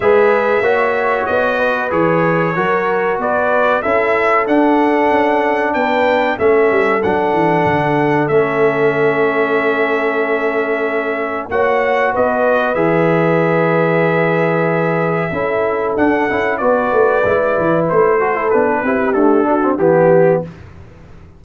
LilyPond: <<
  \new Staff \with { instrumentName = "trumpet" } { \time 4/4 \tempo 4 = 94 e''2 dis''4 cis''4~ | cis''4 d''4 e''4 fis''4~ | fis''4 g''4 e''4 fis''4~ | fis''4 e''2.~ |
e''2 fis''4 dis''4 | e''1~ | e''4 fis''4 d''2 | c''4 b'4 a'4 g'4 | }
  \new Staff \with { instrumentName = "horn" } { \time 4/4 b'4 cis''4. b'4. | ais'4 b'4 a'2~ | a'4 b'4 a'2~ | a'1~ |
a'2 cis''4 b'4~ | b'1 | a'2 b'2~ | b'8 a'4 g'4 fis'8 g'4 | }
  \new Staff \with { instrumentName = "trombone" } { \time 4/4 gis'4 fis'2 gis'4 | fis'2 e'4 d'4~ | d'2 cis'4 d'4~ | d'4 cis'2.~ |
cis'2 fis'2 | gis'1 | e'4 d'8 e'8 fis'4 e'4~ | e'8 fis'16 e'16 d'8 e'8 a8 d'16 c'16 b4 | }
  \new Staff \with { instrumentName = "tuba" } { \time 4/4 gis4 ais4 b4 e4 | fis4 b4 cis'4 d'4 | cis'4 b4 a8 g8 fis8 e8 | d4 a2.~ |
a2 ais4 b4 | e1 | cis'4 d'8 cis'8 b8 a8 gis8 e8 | a4 b8 c'8 d'4 e4 | }
>>